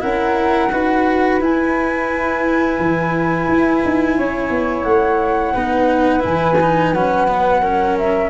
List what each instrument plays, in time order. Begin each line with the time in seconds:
0.00 tuba C#4, cello E4, flute A#4 F#5
0.72 tuba D#4, cello F#4, flute B4
1.40 tuba E4, cello E4, flute G#5
2.79 tuba E3
3.49 tuba E4
3.85 tuba D#4
4.18 tuba C#4, flute C#5
4.50 tuba B3
4.84 tuba A3, flute F#5
5.54 tuba B3, cello D#4, flute B4
6.20 tuba E3, cello E4, flute G#5
6.61 cello D#4
6.93 tuba F#3, cello C#4, flute F#5
7.28 cello B3
7.61 cello C#4, flute A#4
7.98 flute E5